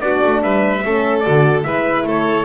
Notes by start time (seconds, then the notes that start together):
0.00 B3 D4 F#4 D5
0.23 A3
0.42 G3 B4 E5
0.83 A3 C#4 A4
1.19 F#4 D5
1.27 D3
1.63 G#3 E4 B4 E5
2.03 A3 A4 C#5